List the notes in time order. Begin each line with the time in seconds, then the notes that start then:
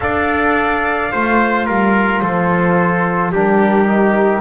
0.00 D4 A4 D5 F5
1.12 A3 F4 C5
1.66 G3 A#4
2.19 F3 A4 C5
3.31 G3 D4 G4 A#4
3.86 D#4